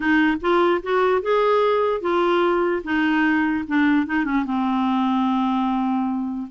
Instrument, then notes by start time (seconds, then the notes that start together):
clarinet
0.00 D#4
0.41 F4
0.83 F#4
1.22 G#4
2.01 F4
2.83 D#4
3.67 D4
4.06 D#4
4.24 C#4
4.45 C4